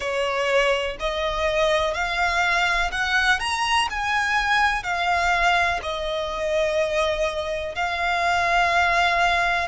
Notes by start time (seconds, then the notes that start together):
0.00 C#5
0.99 D#5
1.94 F5
2.91 F#5
3.39 A#5
3.89 G#5
4.83 F5
5.82 D#5
7.75 F5